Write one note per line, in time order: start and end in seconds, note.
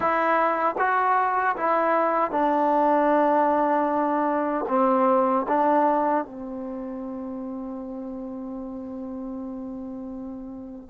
0.00 0.75 E4
0.78 1.56 F#4
1.56 2.31 E4
2.31 4.65 D4
4.68 5.46 C4
5.48 6.24 D4
6.24 10.89 C4